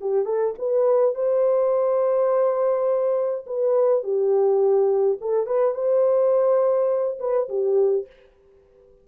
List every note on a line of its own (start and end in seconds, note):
0.00 0.25 G4
0.25 0.53 A4
0.58 1.14 B4
1.14 3.45 C5
3.46 4.03 B4
4.03 5.18 G4
5.20 5.46 A4
5.46 5.74 B4
5.74 7.18 C5
7.19 7.48 B4
7.48 8.06 G4